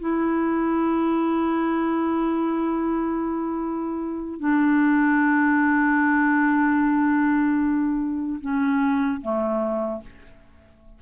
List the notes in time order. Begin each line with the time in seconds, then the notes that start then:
0.00 E4
4.40 D4
8.41 C#4
9.21 A3